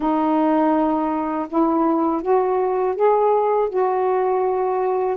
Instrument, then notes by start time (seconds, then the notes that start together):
saxophone
0.00 D#4
1.48 E4
2.22 F#4
2.95 G#4
3.69 F#4